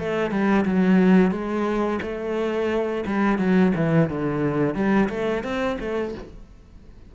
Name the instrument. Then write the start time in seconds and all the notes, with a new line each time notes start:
cello
0.00 A3
0.31 G3
0.65 F#3
1.32 G#3
2.02 A3
3.07 G3
3.39 F#3
3.76 E3
4.10 D3
4.75 G3
5.10 A3
5.44 C4
5.80 A3